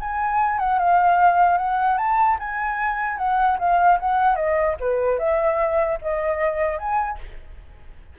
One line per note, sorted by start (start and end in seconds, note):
0.00 0.59 G#5
0.59 0.79 F#5
0.79 1.57 F5
1.57 1.97 F#5
1.97 2.37 A5
2.39 3.17 G#5
3.17 3.57 F#5
3.59 3.99 F5
3.99 4.35 F#5
4.35 4.75 D#5
4.80 5.19 B4
5.19 5.99 E5
6.01 6.78 D#5
6.78 7.18 G#5